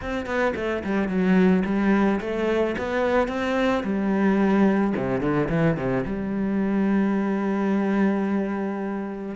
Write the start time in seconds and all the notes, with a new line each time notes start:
0.01 C4
0.26 B3
0.55 A3
0.84 G3
1.08 F#3
1.65 G3
2.20 A3
2.77 B3
3.28 C4
3.83 G3
4.96 C3
5.20 D3
5.49 E3
5.76 C3
6.06 G3